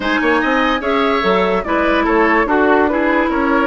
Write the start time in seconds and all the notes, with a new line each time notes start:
0.00 G#3 D#4 C5 G#5
0.21 A#3 C#5
0.40 C4 D#5
0.80 C#4 G#4 C#5 E5
1.21 F#3 A4
1.63 G#3 E4 B4 D5
2.04 A3 A4 C#5
2.45 D4 F#4 A4
2.88 E4 G#4 B4
3.30 C#4 A#4 C#5